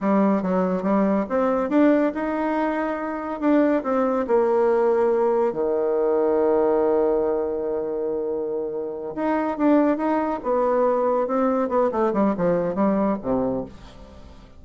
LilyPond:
\new Staff \with { instrumentName = "bassoon" } { \time 4/4 \tempo 4 = 141 g4 fis4 g4 c'4 | d'4 dis'2. | d'4 c'4 ais2~ | ais4 dis2.~ |
dis1~ | dis4. dis'4 d'4 dis'8~ | dis'8 b2 c'4 b8 | a8 g8 f4 g4 c4 | }